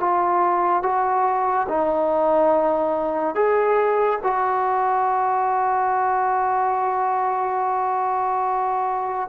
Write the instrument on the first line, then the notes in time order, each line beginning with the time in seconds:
trombone
0.00 F4
0.83 F#4
1.69 D#4
3.35 G#4
4.23 F#4